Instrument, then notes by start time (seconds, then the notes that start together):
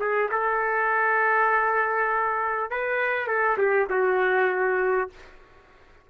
trumpet
0.00 G#4
0.32 A4
2.71 B4
3.28 A4
3.58 G4
3.90 F#4